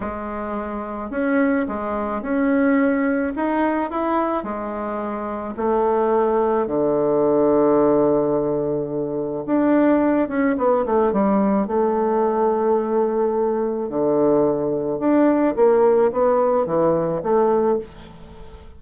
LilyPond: \new Staff \with { instrumentName = "bassoon" } { \time 4/4 \tempo 4 = 108 gis2 cis'4 gis4 | cis'2 dis'4 e'4 | gis2 a2 | d1~ |
d4 d'4. cis'8 b8 a8 | g4 a2.~ | a4 d2 d'4 | ais4 b4 e4 a4 | }